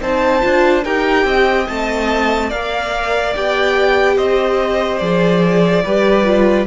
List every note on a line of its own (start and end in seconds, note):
0.00 0.42 C4
0.00 0.41 D#4
0.00 0.84 C5
0.00 0.84 A5
0.41 0.84 D4
0.41 0.83 F4
0.84 1.24 D#4
0.84 1.68 G4
0.84 1.25 A#4
0.84 1.67 G5
1.24 1.66 C4
1.24 2.48 D#5
1.67 2.51 A3
1.67 2.51 C4
1.67 2.50 A5
2.48 3.35 A#3
2.48 3.34 A#4
2.48 4.15 D5
2.48 3.34 F5
3.34 4.17 B3
3.34 5.00 G4
3.34 4.17 G5
4.16 5.01 C4
4.16 5.82 C5
4.16 4.97 D#5
4.97 5.84 F3
4.97 5.83 G#4
4.97 6.64 D5
5.84 6.66 G3
5.84 6.24 G4
5.84 6.66 B4
6.24 6.65 F4